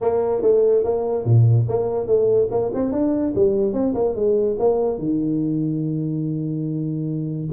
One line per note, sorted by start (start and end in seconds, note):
0.01 0.42 A#3
0.42 0.83 A3
0.84 1.24 A#3
1.24 1.66 A#2
1.68 2.06 A#3
2.06 2.48 A3
2.50 2.71 A#3
2.73 2.91 C4
2.91 3.33 D4
3.35 3.73 G3
3.73 3.94 C4
3.94 4.15 A#3
4.15 4.56 G#3
4.59 4.98 A#3
4.98 7.48 D#3